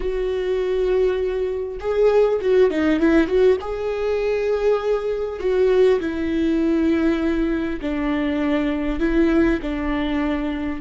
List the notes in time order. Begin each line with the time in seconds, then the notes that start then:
0.00 F#4
1.79 G#4
2.41 F#4
2.70 D#4
2.99 E4
3.27 F#4
3.60 G#4
5.39 F#4
6.00 E4
7.81 D4
8.99 E4
9.62 D4